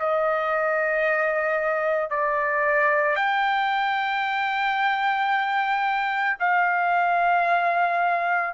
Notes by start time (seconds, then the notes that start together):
0.00 D#5
2.11 D5
3.16 G5
6.40 F5